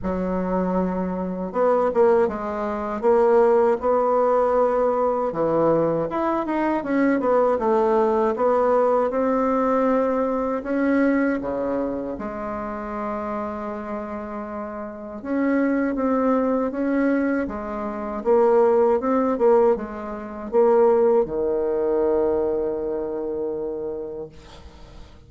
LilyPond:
\new Staff \with { instrumentName = "bassoon" } { \time 4/4 \tempo 4 = 79 fis2 b8 ais8 gis4 | ais4 b2 e4 | e'8 dis'8 cis'8 b8 a4 b4 | c'2 cis'4 cis4 |
gis1 | cis'4 c'4 cis'4 gis4 | ais4 c'8 ais8 gis4 ais4 | dis1 | }